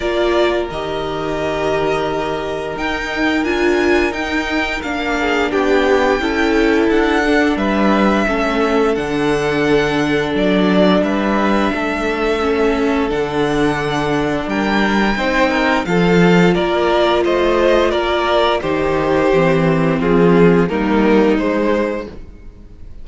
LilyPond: <<
  \new Staff \with { instrumentName = "violin" } { \time 4/4 \tempo 4 = 87 d''4 dis''2. | g''4 gis''4 g''4 f''4 | g''2 fis''4 e''4~ | e''4 fis''2 d''4 |
e''2. fis''4~ | fis''4 g''2 f''4 | d''4 dis''4 d''4 c''4~ | c''4 gis'4 ais'4 c''4 | }
  \new Staff \with { instrumentName = "violin" } { \time 4/4 ais'1~ | ais'2.~ ais'8 gis'8 | g'4 a'2 b'4 | a'1 |
b'4 a'2.~ | a'4 ais'4 c''8 ais'8 a'4 | ais'4 c''4 ais'4 g'4~ | g'4 f'4 dis'2 | }
  \new Staff \with { instrumentName = "viola" } { \time 4/4 f'4 g'2. | dis'4 f'4 dis'4 d'4~ | d'4 e'4. d'4. | cis'4 d'2.~ |
d'2 cis'4 d'4~ | d'2 dis'4 f'4~ | f'2. dis'4 | c'2 ais4 gis4 | }
  \new Staff \with { instrumentName = "cello" } { \time 4/4 ais4 dis2. | dis'4 d'4 dis'4 ais4 | b4 cis'4 d'4 g4 | a4 d2 fis4 |
g4 a2 d4~ | d4 g4 c'4 f4 | ais4 a4 ais4 dis4 | e4 f4 g4 gis4 | }
>>